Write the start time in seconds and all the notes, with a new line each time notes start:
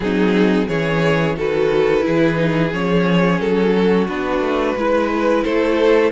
0.00 F#3 C4 D#4 G#4
0.67 E3 C#4 G#4 C#5
1.36 D#3 F#4 A4 B4
2.01 E3 E4 G#4
2.35 D#4
2.73 F3 C#4 C#5
3.39 F#3 A4
3.77 F#4
4.08 B3 D4 B4
4.40 A3
4.76 G#3 E4 B4
5.43 A3 A4 C5